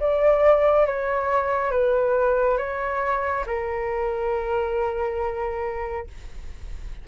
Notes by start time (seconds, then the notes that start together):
0.00 D5
0.87 C#5
1.72 B4
2.58 C#5
3.47 A#4